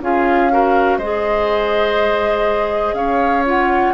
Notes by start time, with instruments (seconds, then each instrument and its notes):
0.00 bassoon C#4, clarinet F4, oboe G#4, flute F5
0.50 clarinet F#4, oboe A#4
0.97 bassoon G#3, clarinet G#4, oboe C5, flute D#5
2.92 bassoon C#4, oboe C#5, flute F5
3.45 clarinet F4, flute F#5